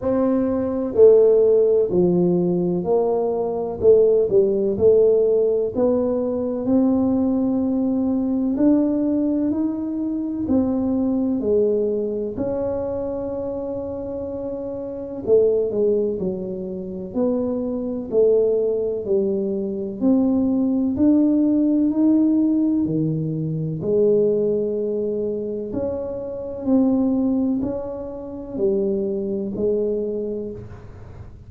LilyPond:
\new Staff \with { instrumentName = "tuba" } { \time 4/4 \tempo 4 = 63 c'4 a4 f4 ais4 | a8 g8 a4 b4 c'4~ | c'4 d'4 dis'4 c'4 | gis4 cis'2. |
a8 gis8 fis4 b4 a4 | g4 c'4 d'4 dis'4 | dis4 gis2 cis'4 | c'4 cis'4 g4 gis4 | }